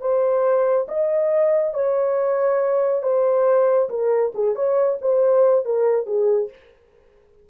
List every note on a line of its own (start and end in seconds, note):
0.00 0.86 C5
0.88 1.73 D#5
1.73 3.02 C#5
3.02 3.88 C5
3.89 4.32 A#4
4.34 4.55 G#4
4.55 4.98 C#5
5.01 5.65 C5
5.65 6.06 A#4
6.06 6.49 G#4